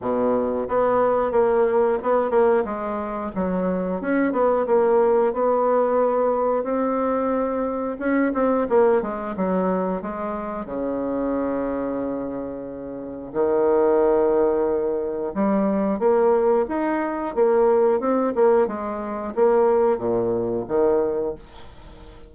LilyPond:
\new Staff \with { instrumentName = "bassoon" } { \time 4/4 \tempo 4 = 90 b,4 b4 ais4 b8 ais8 | gis4 fis4 cis'8 b8 ais4 | b2 c'2 | cis'8 c'8 ais8 gis8 fis4 gis4 |
cis1 | dis2. g4 | ais4 dis'4 ais4 c'8 ais8 | gis4 ais4 ais,4 dis4 | }